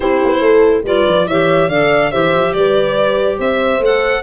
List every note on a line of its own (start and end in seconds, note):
0.00 0.20 C4
0.00 0.84 E4
0.00 0.41 G4
0.00 0.83 C5
0.24 0.40 B3
0.40 0.82 A3
0.40 0.85 A4
0.83 1.04 G3
0.83 1.27 F4
0.83 1.27 B4
0.83 1.27 D5
1.06 1.27 F3
1.27 1.68 E3
1.27 1.70 G4
1.27 1.69 C#5
1.27 1.69 E5
1.68 2.10 D3
1.68 2.12 A4
1.68 2.11 D5
1.68 2.11 F5
2.11 2.34 E3
2.11 3.81 G4
2.11 2.54 C5
2.11 2.53 E5
2.34 2.53 F3
2.53 3.38 G3
2.53 3.38 B4
2.53 3.37 D5
3.38 3.79 C4
3.38 4.22 C5
3.38 3.82 E5
3.79 4.21 A3
3.79 4.23 A4
3.79 4.23 F#5